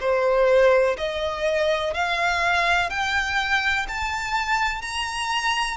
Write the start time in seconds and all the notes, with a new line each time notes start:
0.00 C5
0.98 D#5
1.94 F5
2.90 G5
3.88 A5
4.82 A#5